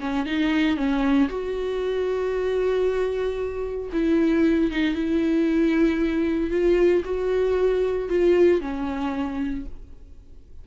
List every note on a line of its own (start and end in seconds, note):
0.00 0.26 C#4
0.26 0.76 D#4
0.76 1.29 C#4
1.29 3.90 F#4
3.92 4.71 E4
4.71 4.94 D#4
4.94 6.51 E4
6.51 7.03 F4
7.04 8.09 F#4
8.09 8.61 F4
8.61 9.65 C#4